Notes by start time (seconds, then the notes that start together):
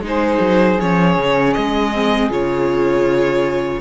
0.00 G#3 D#4 G#4
0.06 C5
0.39 F#3
0.80 F3 C#4 C#5
1.17 C#3
1.53 G#3 D#5
1.93 C4
2.29 C#3 F4 C#5